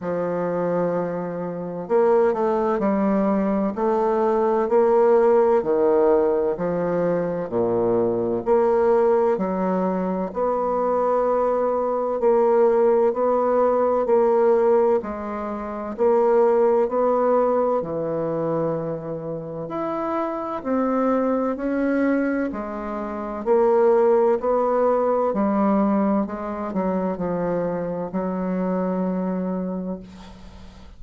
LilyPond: \new Staff \with { instrumentName = "bassoon" } { \time 4/4 \tempo 4 = 64 f2 ais8 a8 g4 | a4 ais4 dis4 f4 | ais,4 ais4 fis4 b4~ | b4 ais4 b4 ais4 |
gis4 ais4 b4 e4~ | e4 e'4 c'4 cis'4 | gis4 ais4 b4 g4 | gis8 fis8 f4 fis2 | }